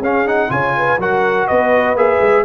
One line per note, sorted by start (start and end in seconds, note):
0.00 0.49 C#4
0.00 0.26 C#4
0.00 0.50 G#4
0.00 0.28 F5
0.26 0.49 D#4
0.26 0.51 F#5
0.49 0.98 C#3
0.49 0.98 F4
0.49 0.76 C#5
0.49 1.00 G#5
0.77 1.01 B4
0.98 1.47 F#3
0.98 1.97 F#4
0.98 1.48 A#4
0.98 1.48 F#5
1.48 1.95 B3
1.48 2.45 B4
1.48 1.97 D#5
1.95 2.19 A#3
1.95 2.45 G#4
1.95 2.45 E5
2.21 2.45 G#3